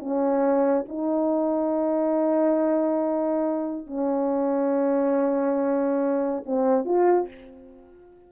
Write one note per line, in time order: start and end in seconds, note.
0.00 0.86 C#4
0.89 3.87 D#4
3.87 6.44 C#4
6.46 6.86 C4
6.86 7.28 F4